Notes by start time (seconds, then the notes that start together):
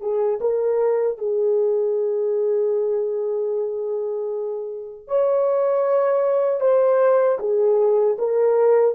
0.00 G#4
0.40 A#4
1.18 G#4
5.08 C#5
6.60 C5
7.39 G#4
8.18 A#4